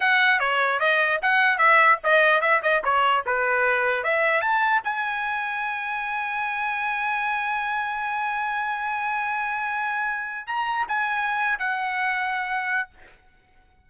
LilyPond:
\new Staff \with { instrumentName = "trumpet" } { \time 4/4 \tempo 4 = 149 fis''4 cis''4 dis''4 fis''4 | e''4 dis''4 e''8 dis''8 cis''4 | b'2 e''4 a''4 | gis''1~ |
gis''1~ | gis''1~ | gis''2 ais''4 gis''4~ | gis''8. fis''2.~ fis''16 | }